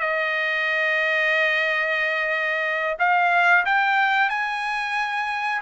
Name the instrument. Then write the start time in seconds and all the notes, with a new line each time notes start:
trumpet
0.00 D#5
2.99 F5
3.65 G5
4.30 G#5